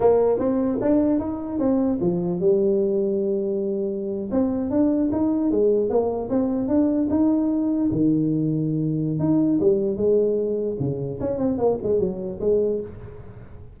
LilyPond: \new Staff \with { instrumentName = "tuba" } { \time 4/4 \tempo 4 = 150 ais4 c'4 d'4 dis'4 | c'4 f4 g2~ | g2~ g8. c'4 d'16~ | d'8. dis'4 gis4 ais4 c'16~ |
c'8. d'4 dis'2 dis16~ | dis2. dis'4 | g4 gis2 cis4 | cis'8 c'8 ais8 gis8 fis4 gis4 | }